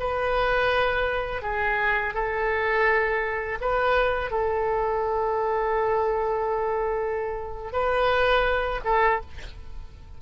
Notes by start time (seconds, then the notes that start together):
0.00 B4
1.42 G#4
2.14 A4
3.61 B4
4.31 A4
7.73 B4
8.85 A4